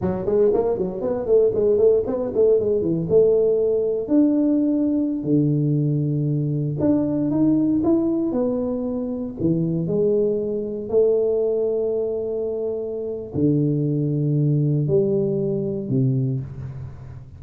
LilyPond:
\new Staff \with { instrumentName = "tuba" } { \time 4/4 \tempo 4 = 117 fis8 gis8 ais8 fis8 b8 a8 gis8 a8 | b8 a8 gis8 e8 a2 | d'2~ d'16 d4.~ d16~ | d4~ d16 d'4 dis'4 e'8.~ |
e'16 b2 e4 gis8.~ | gis4~ gis16 a2~ a8.~ | a2 d2~ | d4 g2 c4 | }